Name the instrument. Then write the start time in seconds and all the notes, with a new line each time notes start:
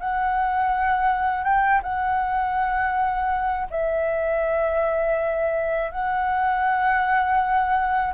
flute
0.00 F#5
1.44 G5
1.83 F#5
3.71 E5
5.92 F#5